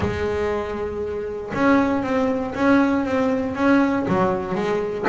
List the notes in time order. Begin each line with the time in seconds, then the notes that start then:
0.00 G#3
1.53 C#4
2.02 C4
2.54 C#4
3.05 C4
3.55 C#4
4.07 F#3
4.54 G#3